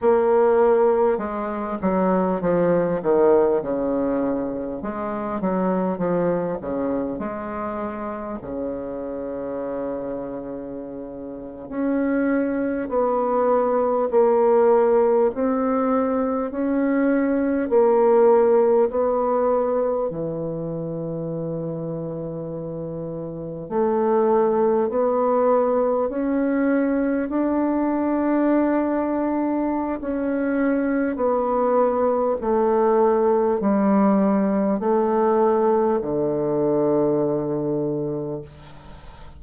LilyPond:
\new Staff \with { instrumentName = "bassoon" } { \time 4/4 \tempo 4 = 50 ais4 gis8 fis8 f8 dis8 cis4 | gis8 fis8 f8 cis8 gis4 cis4~ | cis4.~ cis16 cis'4 b4 ais16~ | ais8. c'4 cis'4 ais4 b16~ |
b8. e2. a16~ | a8. b4 cis'4 d'4~ d'16~ | d'4 cis'4 b4 a4 | g4 a4 d2 | }